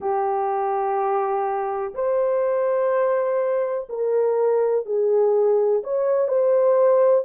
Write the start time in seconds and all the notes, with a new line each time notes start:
0.00 G4
1.94 C5
3.89 A#4
4.85 G#4
5.83 C#5
6.28 C5